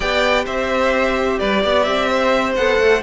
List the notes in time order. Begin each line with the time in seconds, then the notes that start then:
0.00 B3 G4 D5 G5
0.45 C4 C5 E5
1.38 G3 B4 D5
1.64 B3 D5
1.82 C4 E5
2.09 C5
2.56 B3 A4 F#5
2.78 A3